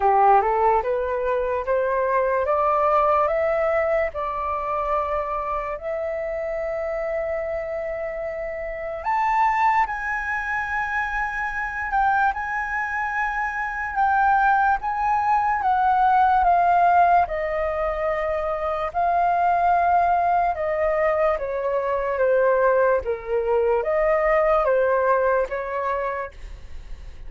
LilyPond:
\new Staff \with { instrumentName = "flute" } { \time 4/4 \tempo 4 = 73 g'8 a'8 b'4 c''4 d''4 | e''4 d''2 e''4~ | e''2. a''4 | gis''2~ gis''8 g''8 gis''4~ |
gis''4 g''4 gis''4 fis''4 | f''4 dis''2 f''4~ | f''4 dis''4 cis''4 c''4 | ais'4 dis''4 c''4 cis''4 | }